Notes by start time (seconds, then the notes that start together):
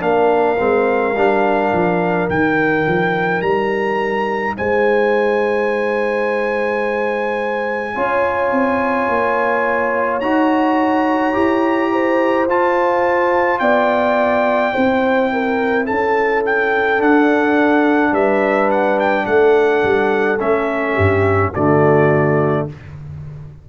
0.00 A#3 D4 A#4 F5
0.58 G#3 C4
1.15 G3 D4
1.73 F3
2.30 D#3 D#4 G5
2.87 F3
3.42 G3 A#5
4.58 G#3 C5 G#5
7.95 C#4 F4 C#5
8.51 C4
9.09 A#3
10.21 D#4 F#4 A#5
11.33 E4 G4
11.92 C5
12.48 F4 A5
13.59 B3 D5 G5
14.73 C4 E4 C5
15.33 A#4
15.85 C#4 A4 A5
16.46 G5
16.98 D4 F#5
18.12 G3 B4 E5
18.71 F#5
19.00 G5
19.26 A3 A4 F#5
19.84 G3
20.40 A3 C#4 E5
20.94 G2 G4
21.53 D3 A3 F#4 D5